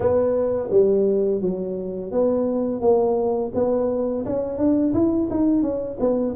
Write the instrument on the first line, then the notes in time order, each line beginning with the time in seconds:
tuba
0.00 B3
0.70 G3
1.41 F#3
2.11 B3
2.81 A#3
3.54 B3
4.25 C#4
4.58 D4
4.93 E4
5.30 D#4
5.62 C#4
5.99 B3